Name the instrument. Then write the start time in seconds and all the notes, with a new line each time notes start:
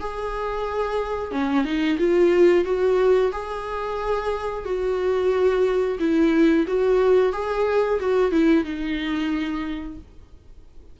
viola
0.00 G#4
1.32 C#4
1.65 D#4
1.99 F4
2.65 F#4
3.32 G#4
4.65 F#4
6.00 E4
6.68 F#4
7.33 G#4
8.00 F#4
8.32 E4
8.64 D#4